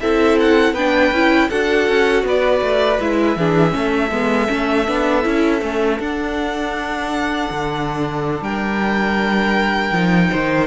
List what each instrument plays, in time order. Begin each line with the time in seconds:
0.00 cello C4, viola E4, violin A4 E5
0.40 violin F#5
0.73 cello B3, viola D4, violin B4 G5
1.11 cello C#4, viola E4
1.49 cello D4, viola F#4, violin A4 F#5
1.88 cello C#4
2.23 cello B3, violin B4 D5
2.61 cello A3
2.99 cello G#3, viola E4, violin E5
3.36 cello E3, viola D4, violin G#4
3.70 cello A3, viola C#4, violin A4
4.10 cello G#3, viola B3
4.47 cello A3, viola C#4
4.86 cello B3, viola D4
5.23 cello C#4, viola E4
5.60 cello A3, viola C#4
5.99 cello D4, viola D4, violin F#5
7.50 cello D3
8.41 cello G3, violin A#4 G5
9.91 cello F3, viola D#4
10.31 cello D#3, violin C5